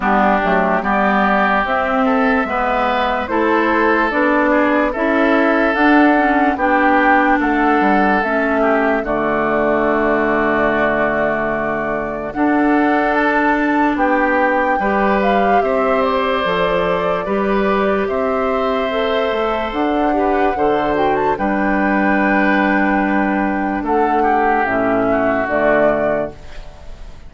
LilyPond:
<<
  \new Staff \with { instrumentName = "flute" } { \time 4/4 \tempo 4 = 73 g'4 d''4 e''2 | c''4 d''4 e''4 fis''4 | g''4 fis''4 e''4 d''4~ | d''2. fis''4 |
a''4 g''4. f''8 e''8 d''8~ | d''2 e''2 | fis''4. g''16 a''16 g''2~ | g''4 fis''4 e''4 d''4 | }
  \new Staff \with { instrumentName = "oboe" } { \time 4/4 d'4 g'4. a'8 b'4 | a'4. gis'8 a'2 | g'4 a'4. g'8 fis'4~ | fis'2. a'4~ |
a'4 g'4 b'4 c''4~ | c''4 b'4 c''2~ | c''8 b'8 c''4 b'2~ | b'4 a'8 g'4 fis'4. | }
  \new Staff \with { instrumentName = "clarinet" } { \time 4/4 b8 a8 b4 c'4 b4 | e'4 d'4 e'4 d'8 cis'8 | d'2 cis'4 a4~ | a2. d'4~ |
d'2 g'2 | a'4 g'2 a'4~ | a'8 g'8 a'8 fis'8 d'2~ | d'2 cis'4 a4 | }
  \new Staff \with { instrumentName = "bassoon" } { \time 4/4 g8 fis8 g4 c'4 gis4 | a4 b4 cis'4 d'4 | b4 a8 g8 a4 d4~ | d2. d'4~ |
d'4 b4 g4 c'4 | f4 g4 c'4. a8 | d'4 d4 g2~ | g4 a4 a,4 d4 | }
>>